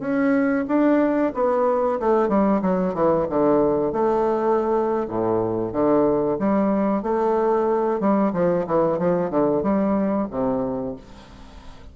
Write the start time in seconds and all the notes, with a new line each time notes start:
0.00 C#4
0.68 D4
1.35 B3
2.00 A3
2.29 G3
2.62 F#3
2.94 E3
3.30 D3
3.93 A3
5.08 A2
5.73 D3
6.39 G3
7.03 A3
8.00 G3
8.34 F3
8.67 E3
8.99 F3
9.31 D3
9.63 G3
10.31 C3